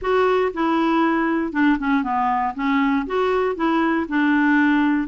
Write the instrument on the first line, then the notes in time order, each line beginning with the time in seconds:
clarinet
0.01 F#4
0.53 E4
1.52 D4
1.78 C#4
2.03 B3
2.54 C#4
3.06 F#4
3.55 E4
4.08 D4